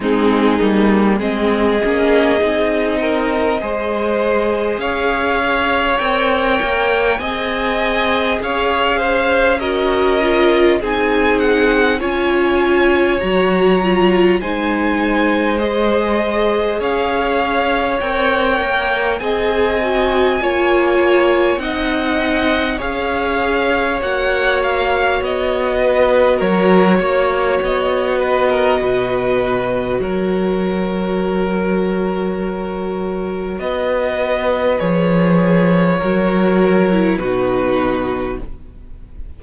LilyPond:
<<
  \new Staff \with { instrumentName = "violin" } { \time 4/4 \tempo 4 = 50 gis'4 dis''2. | f''4 g''4 gis''4 f''4 | dis''4 gis''8 fis''8 gis''4 ais''4 | gis''4 dis''4 f''4 g''4 |
gis''2 fis''4 f''4 | fis''8 f''8 dis''4 cis''4 dis''4~ | dis''4 cis''2. | dis''4 cis''2 b'4 | }
  \new Staff \with { instrumentName = "violin" } { \time 4/4 dis'4 gis'4. ais'8 c''4 | cis''2 dis''4 cis''8 c''8 | ais'4 gis'4 cis''2 | c''2 cis''2 |
dis''4 cis''4 dis''4 cis''4~ | cis''4. b'8 ais'8 cis''4 b'16 ais'16 | b'4 ais'2. | b'2 ais'4 fis'4 | }
  \new Staff \with { instrumentName = "viola" } { \time 4/4 c'8 ais8 c'8 cis'8 dis'4 gis'4~ | gis'4 ais'4 gis'2 | fis'8 f'8 dis'4 f'4 fis'8 f'8 | dis'4 gis'2 ais'4 |
gis'8 fis'8 f'4 dis'4 gis'4 | fis'1~ | fis'1~ | fis'4 gis'4 fis'8. e'16 dis'4 | }
  \new Staff \with { instrumentName = "cello" } { \time 4/4 gis8 g8 gis8 ais8 c'4 gis4 | cis'4 c'8 ais8 c'4 cis'4~ | cis'4 c'4 cis'4 fis4 | gis2 cis'4 c'8 ais8 |
c'4 ais4 c'4 cis'4 | ais4 b4 fis8 ais8 b4 | b,4 fis2. | b4 f4 fis4 b,4 | }
>>